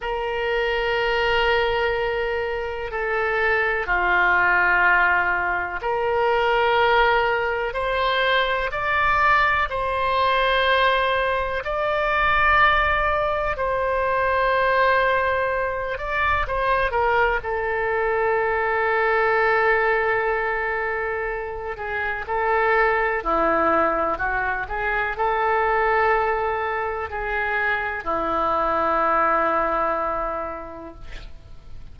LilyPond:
\new Staff \with { instrumentName = "oboe" } { \time 4/4 \tempo 4 = 62 ais'2. a'4 | f'2 ais'2 | c''4 d''4 c''2 | d''2 c''2~ |
c''8 d''8 c''8 ais'8 a'2~ | a'2~ a'8 gis'8 a'4 | e'4 fis'8 gis'8 a'2 | gis'4 e'2. | }